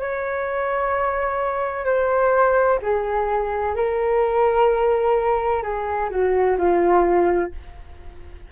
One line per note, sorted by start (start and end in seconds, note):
0.00 1.86 C#5
1.86 2.80 C5
2.82 3.76 G#4
3.76 5.63 A#4
5.63 6.10 G#4
6.10 6.57 F#4
6.58 7.52 F4